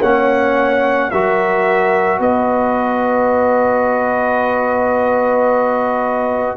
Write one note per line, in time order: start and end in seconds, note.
0.00 1.11 A#3
0.00 1.12 C#4
0.00 1.09 C#5
0.00 1.10 F#5
1.10 2.19 F#3
1.10 6.57 F#4
1.10 2.19 A#4
1.10 2.20 E5
2.19 6.55 B3
2.19 6.55 B4
2.19 6.57 D#5